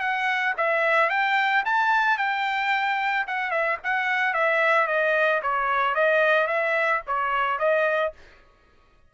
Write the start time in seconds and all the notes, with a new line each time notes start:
0.00 F#5
0.57 E5
1.10 G5
1.65 A5
2.18 G5
3.27 F#5
3.51 E5
3.84 F#5
4.34 E5
4.87 D#5
5.43 C#5
5.95 D#5
6.47 E5
7.07 C#5
7.59 D#5